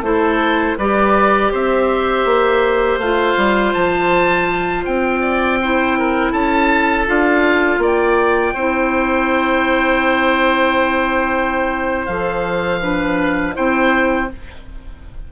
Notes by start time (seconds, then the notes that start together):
0.00 A3 E4 A4 C5
0.77 G3 G4 B4 D5
1.51 C4 C5 E5
2.25 A#3
2.97 A3 F4 F5
3.36 G3
3.73 F3 A5
4.85 C4 G5
5.21 D5
5.61 E4 C5
5.98 A#4
6.31 C#4 A4 A5
7.06 D4 F4 F5
7.78 A#3 D5
7.85 G5
8.53 C4 E4 C5
12.06 F3 A4 F5
12.81 D4 B4
13.53 C4 E4 C5 G5